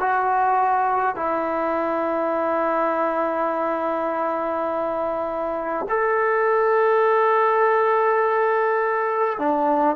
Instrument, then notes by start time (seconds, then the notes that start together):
trombone
0.00 F#4
1.16 E4
5.89 A4
9.39 D4